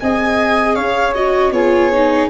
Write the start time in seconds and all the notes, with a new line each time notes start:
0.00 C4 G#4 D#5 G#5
0.75 C#4 C#5 F5
1.14 F#4 D#5
1.51 B3 F4 G#4 C#5
1.92 D#4